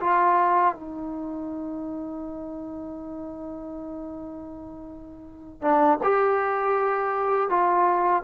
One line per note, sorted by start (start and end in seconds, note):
0.00 0.74 F4
0.74 5.61 D#4
5.61 5.99 D4
6.03 7.49 G4
7.49 8.23 F4